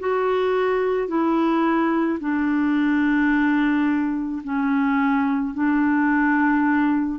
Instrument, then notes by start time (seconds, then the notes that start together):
clarinet
0.00 F#4
1.08 E4
2.20 D4
4.44 C#4
5.55 D4